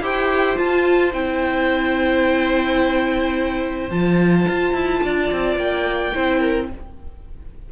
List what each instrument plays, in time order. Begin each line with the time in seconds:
0.00 cello E4, viola G4, violin C5 G5
0.56 viola F4, cello F4, violin A5
1.12 cello C4, viola E4, violin G5
3.90 cello F3, viola F4, violin A5
4.48 cello F4
4.73 cello E4
5.03 cello D4, violin D5
5.31 cello C4
5.56 cello A#3, violin G5
6.13 cello C4, viola E4, violin C5
6.39 violin A#4